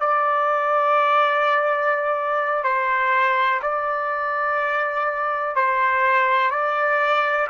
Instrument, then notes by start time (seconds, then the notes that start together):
trumpet
0.00 D5
2.64 C5
3.62 D5
5.56 C5
6.51 D5